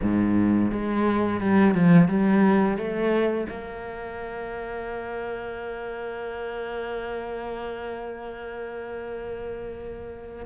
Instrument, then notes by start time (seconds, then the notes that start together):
cello
0.02 G#2
0.71 G#3
1.40 G3
1.74 F3
2.08 G3
2.77 A3
3.49 A#3